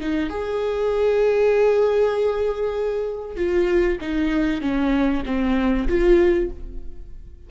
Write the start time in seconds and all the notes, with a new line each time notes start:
0.00 D#4
0.30 G#4
3.37 F4
4.01 D#4
4.61 C#4
5.26 C4
5.88 F4